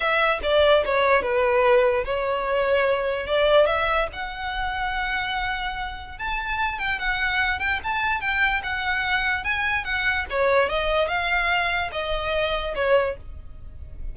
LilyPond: \new Staff \with { instrumentName = "violin" } { \time 4/4 \tempo 4 = 146 e''4 d''4 cis''4 b'4~ | b'4 cis''2. | d''4 e''4 fis''2~ | fis''2. a''4~ |
a''8 g''8 fis''4. g''8 a''4 | g''4 fis''2 gis''4 | fis''4 cis''4 dis''4 f''4~ | f''4 dis''2 cis''4 | }